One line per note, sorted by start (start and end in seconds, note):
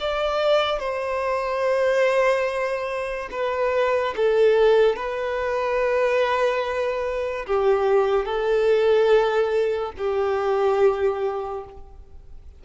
0.00 0.79 D5
0.79 3.29 C5
3.31 4.14 B4
4.16 4.96 A4
4.96 7.46 B4
7.46 8.25 G4
8.25 9.92 A4
9.97 11.64 G4